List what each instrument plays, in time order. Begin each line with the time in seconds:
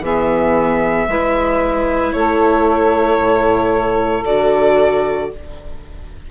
0.00 bassoon E3, viola B3, saxophone G#4, violin E5
1.08 bassoon G#3, viola E4, saxophone B4
2.13 bassoon A3, saxophone A4, violin C#5
3.18 bassoon A2
4.25 bassoon D3, viola F#4, violin D5